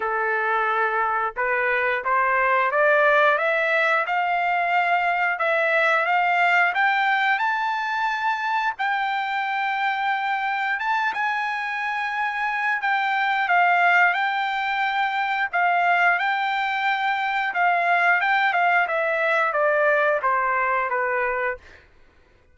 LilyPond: \new Staff \with { instrumentName = "trumpet" } { \time 4/4 \tempo 4 = 89 a'2 b'4 c''4 | d''4 e''4 f''2 | e''4 f''4 g''4 a''4~ | a''4 g''2. |
a''8 gis''2~ gis''8 g''4 | f''4 g''2 f''4 | g''2 f''4 g''8 f''8 | e''4 d''4 c''4 b'4 | }